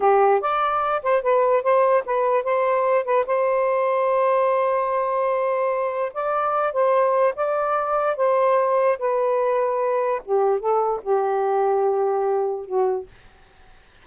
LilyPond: \new Staff \with { instrumentName = "saxophone" } { \time 4/4 \tempo 4 = 147 g'4 d''4. c''8 b'4 | c''4 b'4 c''4. b'8 | c''1~ | c''2. d''4~ |
d''8 c''4. d''2 | c''2 b'2~ | b'4 g'4 a'4 g'4~ | g'2. fis'4 | }